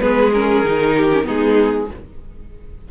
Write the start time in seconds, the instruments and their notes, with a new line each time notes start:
0.00 cello G#3, viola B3, violin G#4 B4
0.33 viola C#4, violin A#4
0.64 cello D#3, viola D#4
0.96 violin G4
1.13 viola C#4
1.23 cello G#3, viola B3, violin D#4 G#4